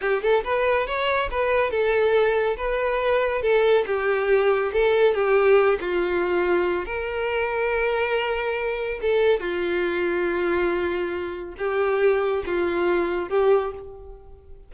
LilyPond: \new Staff \with { instrumentName = "violin" } { \time 4/4 \tempo 4 = 140 g'8 a'8 b'4 cis''4 b'4 | a'2 b'2 | a'4 g'2 a'4 | g'4. f'2~ f'8 |
ais'1~ | ais'4 a'4 f'2~ | f'2. g'4~ | g'4 f'2 g'4 | }